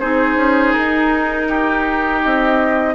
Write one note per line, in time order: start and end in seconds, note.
0.00 0.36 C4
0.00 2.95 D#4
0.00 1.48 G#4
0.00 0.73 C5
0.36 0.73 C#4
0.73 2.25 D#4
0.73 2.21 A#4
1.49 2.95 G4
2.22 2.95 C4
2.22 2.95 D#5